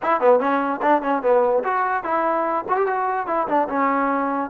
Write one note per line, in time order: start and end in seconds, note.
0.02 0.20 E4
0.20 0.39 B3
0.39 0.80 C#4
0.82 1.02 D4
1.02 1.22 C#4
1.22 1.63 B3
1.64 2.03 F#4
2.03 2.64 E4
2.68 2.76 F#4
2.76 2.86 G4
2.86 3.27 F#4
3.27 3.47 E4
3.47 3.68 D4
3.68 4.50 C#4